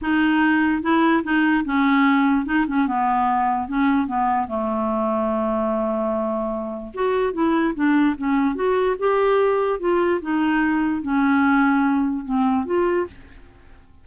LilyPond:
\new Staff \with { instrumentName = "clarinet" } { \time 4/4 \tempo 4 = 147 dis'2 e'4 dis'4 | cis'2 dis'8 cis'8 b4~ | b4 cis'4 b4 a4~ | a1~ |
a4 fis'4 e'4 d'4 | cis'4 fis'4 g'2 | f'4 dis'2 cis'4~ | cis'2 c'4 f'4 | }